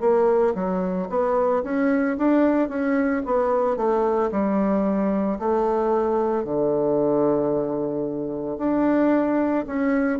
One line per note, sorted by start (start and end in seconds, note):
0.00 0.54 A#3
0.55 1.08 F#3
1.10 1.63 B3
1.64 2.17 C#4
2.18 2.69 D4
2.69 3.22 C#4
3.25 3.76 B3
3.76 4.30 A3
4.31 5.39 G3
5.39 6.44 A3
6.44 8.58 D3
8.58 9.65 D4
9.66 10.19 C#4